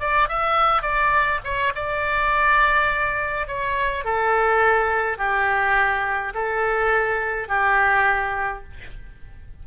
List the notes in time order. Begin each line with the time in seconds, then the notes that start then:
0.00 D5
0.29 E5
0.83 D5
1.45 C#5
1.75 D5
3.48 C#5
4.05 A4
5.18 G4
6.34 A4
7.48 G4